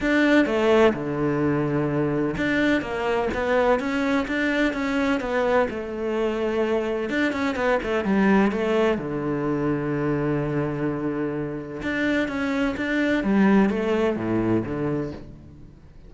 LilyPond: \new Staff \with { instrumentName = "cello" } { \time 4/4 \tempo 4 = 127 d'4 a4 d2~ | d4 d'4 ais4 b4 | cis'4 d'4 cis'4 b4 | a2. d'8 cis'8 |
b8 a8 g4 a4 d4~ | d1~ | d4 d'4 cis'4 d'4 | g4 a4 a,4 d4 | }